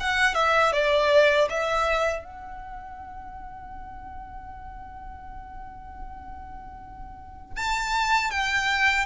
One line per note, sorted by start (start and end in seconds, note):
0.00 0.35 F#5
0.35 0.72 E5
0.72 1.48 D5
1.50 2.25 E5
2.25 7.56 F#5
7.56 8.31 A5
8.31 9.06 G5